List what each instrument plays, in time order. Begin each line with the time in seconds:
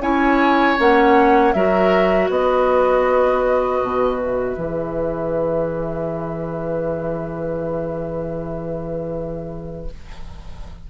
0.00 bassoon C#4, clarinet E4, oboe C#5, flute G#5
0.78 bassoon A#3, clarinet C#4, flute F#5
1.53 bassoon F#3, clarinet F#4, oboe A#4, flute E5
2.29 bassoon B3, oboe B4, flute D#5
3.82 bassoon B2
4.18 flute E5
4.57 bassoon E3, clarinet G#4